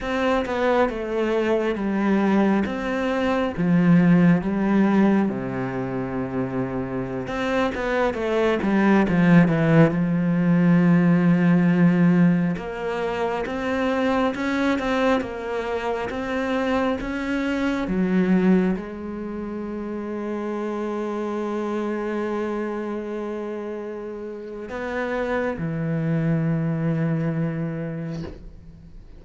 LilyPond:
\new Staff \with { instrumentName = "cello" } { \time 4/4 \tempo 4 = 68 c'8 b8 a4 g4 c'4 | f4 g4 c2~ | c16 c'8 b8 a8 g8 f8 e8 f8.~ | f2~ f16 ais4 c'8.~ |
c'16 cis'8 c'8 ais4 c'4 cis'8.~ | cis'16 fis4 gis2~ gis8.~ | gis1 | b4 e2. | }